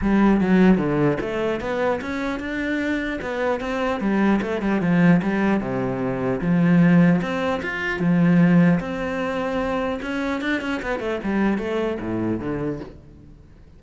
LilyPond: \new Staff \with { instrumentName = "cello" } { \time 4/4 \tempo 4 = 150 g4 fis4 d4 a4 | b4 cis'4 d'2 | b4 c'4 g4 a8 g8 | f4 g4 c2 |
f2 c'4 f'4 | f2 c'2~ | c'4 cis'4 d'8 cis'8 b8 a8 | g4 a4 a,4 d4 | }